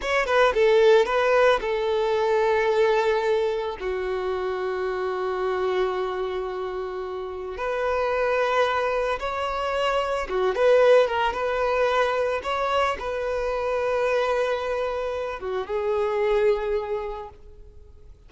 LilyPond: \new Staff \with { instrumentName = "violin" } { \time 4/4 \tempo 4 = 111 cis''8 b'8 a'4 b'4 a'4~ | a'2. fis'4~ | fis'1~ | fis'2 b'2~ |
b'4 cis''2 fis'8 b'8~ | b'8 ais'8 b'2 cis''4 | b'1~ | b'8 fis'8 gis'2. | }